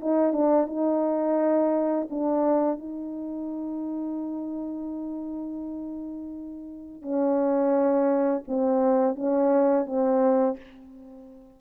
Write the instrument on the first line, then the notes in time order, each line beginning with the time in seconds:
horn
0.00 D#4
0.32 D4
0.66 D#4
2.10 D4
2.79 D#4
7.02 C#4
8.47 C4
9.15 C#4
9.86 C4